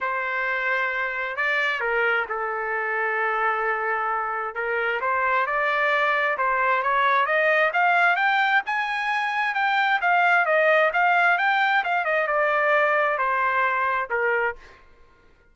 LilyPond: \new Staff \with { instrumentName = "trumpet" } { \time 4/4 \tempo 4 = 132 c''2. d''4 | ais'4 a'2.~ | a'2 ais'4 c''4 | d''2 c''4 cis''4 |
dis''4 f''4 g''4 gis''4~ | gis''4 g''4 f''4 dis''4 | f''4 g''4 f''8 dis''8 d''4~ | d''4 c''2 ais'4 | }